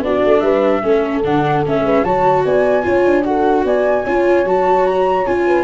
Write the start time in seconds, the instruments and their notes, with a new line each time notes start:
0.00 tuba B3, viola D4, horn F#4, flute D5
0.25 tuba A3
0.40 tuba G3, horn B4, flute E5
0.83 tuba A3, viola C#4, horn A4
1.24 tuba D3, viola D4, flute F#5
1.66 tuba A3, viola C#4, flute E5
1.82 tuba G#3, horn B4
2.04 tuba F#3, viola F#4, horn C#5, flute A5
2.46 tuba B3, horn D5, flute G#5
2.83 tuba C#4, viola F4, horn C#5
3.05 tuba D4
3.24 viola F#4, horn A4, flute F#5
3.65 tuba B3, horn D5, flute G#5
4.05 tuba C#4, viola F4, horn C#5
4.45 tuba F#3, viola F#4, flute A5
4.86 flute A#5
5.27 tuba C#4, viola F4, flute G#5
5.46 horn B4